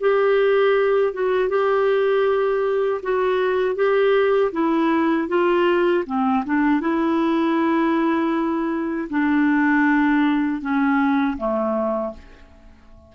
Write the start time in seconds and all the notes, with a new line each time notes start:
0.00 G4
1.14 F#4
1.49 G4
3.03 F#4
3.75 G4
4.52 E4
5.28 F4
6.06 C4
6.46 D4
6.81 E4
9.10 D4
10.61 C#4
11.38 A3